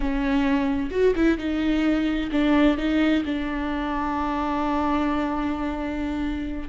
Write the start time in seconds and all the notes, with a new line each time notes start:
0.00 C#4
0.90 F#4
1.15 E4
1.38 D#4
2.31 D4
2.77 D#4
3.25 D4